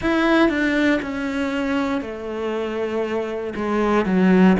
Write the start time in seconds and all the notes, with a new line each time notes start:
0.00 E4
0.49 D4
1.02 C#4
2.01 A3
3.55 G#3
4.05 F#3